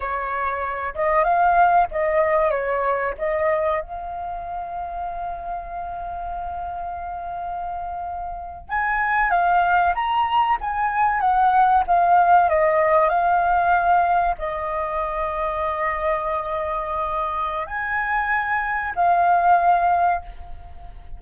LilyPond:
\new Staff \with { instrumentName = "flute" } { \time 4/4 \tempo 4 = 95 cis''4. dis''8 f''4 dis''4 | cis''4 dis''4 f''2~ | f''1~ | f''4.~ f''16 gis''4 f''4 ais''16~ |
ais''8. gis''4 fis''4 f''4 dis''16~ | dis''8. f''2 dis''4~ dis''16~ | dis''1 | gis''2 f''2 | }